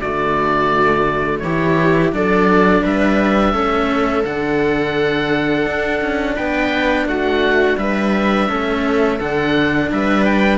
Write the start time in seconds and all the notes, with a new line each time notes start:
0.00 D3 A3 F#4 D5
1.39 E3 E4 G4 C#5
2.12 F#3 D4 A4 D5
2.83 G3 B4 E5
3.54 A3 C#4 A4
4.24 D3 D4 F#5
5.66 D4
6.01 C#4
6.36 B3 B4 G5
7.06 A3 F#4 F#5
7.78 G3 B4 E5
8.48 A3 C#4 A4
9.20 D3 D4 F#5
9.92 G3 B4 E5
10.25 G5